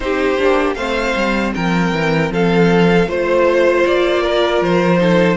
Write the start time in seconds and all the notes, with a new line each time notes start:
0.00 C4 D#4 G4 C5
0.37 A#3 D4
0.74 A3 C4 C5 F5
1.15 G3
1.54 F3 A#4 G5
1.92 E3
2.30 F3 A4 F5
3.07 A3 F4 C5
3.86 A#3 D5
4.22 A#4
4.61 F3 C5
4.98 D#4 A4